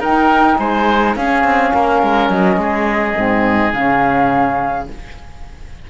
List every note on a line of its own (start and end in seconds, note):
0.00 0.57 D#4
0.00 1.19 D#4
0.00 0.58 A#4
0.00 0.58 G5
0.58 1.16 G#3
0.58 1.17 C5
0.58 1.15 G#5
1.16 1.45 C#4
1.16 3.15 C#4
1.16 1.74 G#4
1.16 2.31 F5
1.45 1.73 C4
1.74 2.03 A#3
1.74 2.60 A#4
2.03 2.30 G#3
2.30 2.57 F#3
2.30 3.73 D#5
2.57 3.14 G#3
2.57 4.91 G#4
3.15 3.73 G#2
3.15 3.73 C4
3.73 4.88 C#3
3.73 4.90 C#4
3.73 4.88 F5